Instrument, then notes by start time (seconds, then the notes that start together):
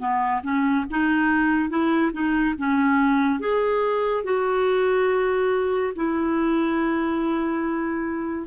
clarinet
0.00 B3
0.43 C#4
0.91 D#4
1.70 E4
2.13 D#4
2.58 C#4
3.40 G#4
4.24 F#4
5.96 E4